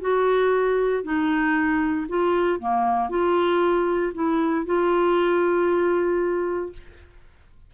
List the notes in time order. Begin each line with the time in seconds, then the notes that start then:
0.00 F#4
1.03 D#4
2.08 F4
2.59 A#3
3.09 F4
4.14 E4
4.66 F4